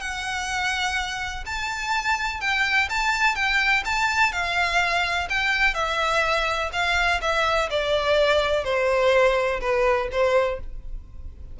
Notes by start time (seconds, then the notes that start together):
0.00 F#5
1.46 A5
2.40 G5
2.89 A5
3.35 G5
3.85 A5
4.32 F5
5.29 G5
5.74 E5
6.72 F5
7.21 E5
7.70 D5
8.64 C5
9.60 B4
10.12 C5